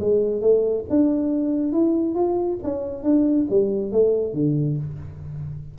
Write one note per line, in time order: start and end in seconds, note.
0.00 0.41 G#3
0.41 0.85 A3
0.90 1.73 D4
1.73 2.15 E4
2.15 2.58 F4
2.64 3.04 C#4
3.04 3.47 D4
3.50 3.92 G3
3.92 4.33 A3
4.33 4.77 D3